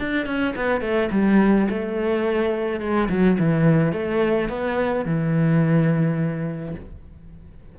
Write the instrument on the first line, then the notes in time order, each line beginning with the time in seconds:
cello
0.00 D4
0.27 C#4
0.56 B3
0.82 A3
1.12 G3
1.70 A3
2.81 G#3
3.10 F#3
3.40 E3
3.93 A3
4.49 B3
5.06 E3